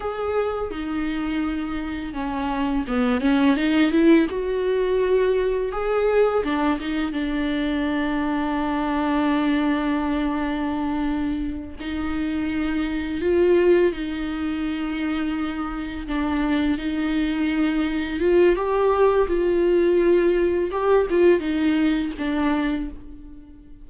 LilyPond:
\new Staff \with { instrumentName = "viola" } { \time 4/4 \tempo 4 = 84 gis'4 dis'2 cis'4 | b8 cis'8 dis'8 e'8 fis'2 | gis'4 d'8 dis'8 d'2~ | d'1~ |
d'8 dis'2 f'4 dis'8~ | dis'2~ dis'8 d'4 dis'8~ | dis'4. f'8 g'4 f'4~ | f'4 g'8 f'8 dis'4 d'4 | }